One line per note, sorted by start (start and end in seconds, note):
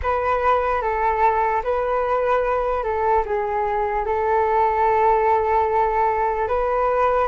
0.02 0.81 B4
0.81 1.62 A4
1.63 2.83 B4
2.83 3.24 A4
3.25 4.05 G#4
4.05 6.48 A4
6.48 7.27 B4